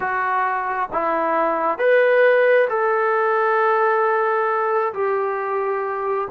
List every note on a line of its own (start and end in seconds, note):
0.00 0.89 F#4
0.92 1.78 E4
1.78 2.67 B4
2.69 4.93 A4
4.93 6.27 G4